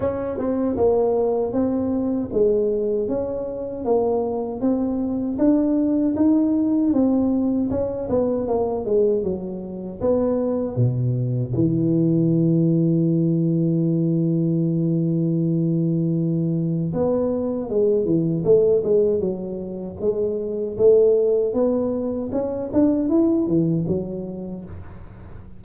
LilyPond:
\new Staff \with { instrumentName = "tuba" } { \time 4/4 \tempo 4 = 78 cis'8 c'8 ais4 c'4 gis4 | cis'4 ais4 c'4 d'4 | dis'4 c'4 cis'8 b8 ais8 gis8 | fis4 b4 b,4 e4~ |
e1~ | e2 b4 gis8 e8 | a8 gis8 fis4 gis4 a4 | b4 cis'8 d'8 e'8 e8 fis4 | }